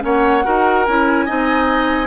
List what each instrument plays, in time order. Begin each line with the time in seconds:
0.00 bassoon A#3, clarinet C#4, oboe C#5, flute F#5
0.43 bassoon D#4, clarinet F#4, oboe A#4
0.85 bassoon C#4, clarinet E4, flute G#5
1.25 bassoon C4, clarinet D#4, oboe D#5